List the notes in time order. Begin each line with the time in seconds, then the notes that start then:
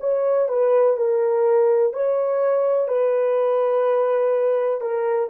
0.00 C#5
0.48 B4
0.97 A#4
1.93 C#5
2.88 B4
4.81 A#4